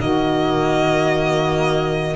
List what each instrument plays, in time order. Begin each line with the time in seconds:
0.00 tuba D#3, cello A#3, saxophone F#4, violin D#5